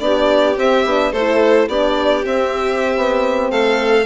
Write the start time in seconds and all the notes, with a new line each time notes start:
0.00 B3 D4 G4 D5
0.56 C4 E5
0.86 B3 D4
1.13 A3 E4 A4 C5
1.68 B3 D4 G4 D5
2.24 C4 E5
2.97 B3
3.51 A3 A4 F5